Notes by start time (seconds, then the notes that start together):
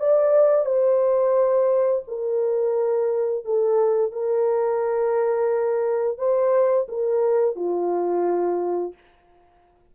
0.00 D5
0.66 C5
2.08 A#4
3.45 A4
4.12 A#4
6.18 C5
6.89 A#4
7.56 F4